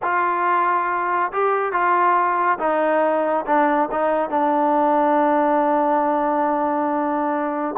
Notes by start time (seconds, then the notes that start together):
0.02 F4
1.32 G4
1.72 F4
2.58 D#4
3.46 D4
3.91 D#4
4.30 D4